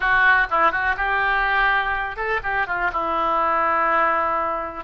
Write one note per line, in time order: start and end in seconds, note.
0.00 0.47 F#4
0.50 0.71 E4
0.71 0.95 F#4
0.96 2.16 G4
2.16 2.40 A4
2.43 2.66 G4
2.66 2.91 F4
2.92 4.84 E4